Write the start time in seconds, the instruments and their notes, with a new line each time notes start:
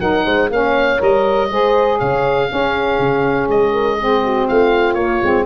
0.00 tuba F#3, saxophone D#4, horn A#4, oboe F#5
0.25 tuba G#3, horn C5
0.50 tuba A#3, saxophone C#4, horn C#5, oboe F5
0.99 tuba G3, saxophone A#4, oboe D#5
1.51 tuba G#3, saxophone G#4, horn C5
1.99 tuba C#3, horn C#5, oboe F5
2.48 saxophone C#4, tuba C#4, horn G#4
2.99 tuba C#3
3.48 tuba G#3, oboe D#5
3.72 horn A#4
3.95 saxophone C4, horn G#4
4.23 horn F#4
4.48 tuba A3, horn F4, oboe F5
4.94 tuba A#3, saxophone A#3, oboe C#5
5.22 tuba G#3, saxophone C4